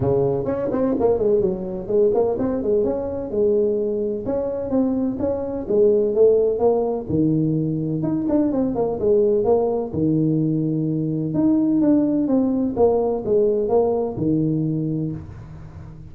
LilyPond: \new Staff \with { instrumentName = "tuba" } { \time 4/4 \tempo 4 = 127 cis4 cis'8 c'8 ais8 gis8 fis4 | gis8 ais8 c'8 gis8 cis'4 gis4~ | gis4 cis'4 c'4 cis'4 | gis4 a4 ais4 dis4~ |
dis4 dis'8 d'8 c'8 ais8 gis4 | ais4 dis2. | dis'4 d'4 c'4 ais4 | gis4 ais4 dis2 | }